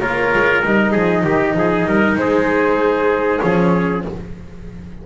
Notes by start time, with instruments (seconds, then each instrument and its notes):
0.00 double bass A#3, cello F4, trumpet A#4, flute C#5
0.33 double bass G#3
0.64 double bass G3, cello D#4, flute D#5
0.92 double bass F3, trumpet G#4
1.23 double bass D#3, trumpet G4
1.54 double bass F3, trumpet G#4
1.86 double bass G3, trumpet A#4
2.17 double bass G#3, trumpet G#4, flute C5
3.40 double bass F3, cello C#4, flute C#5